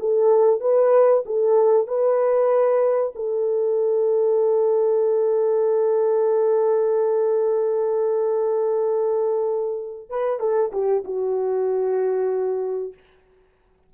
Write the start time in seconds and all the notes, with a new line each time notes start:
0.00 A4
0.61 B4
1.26 A4
1.87 B4
3.16 A4
10.10 B4
10.40 A4
10.72 G4
11.05 F#4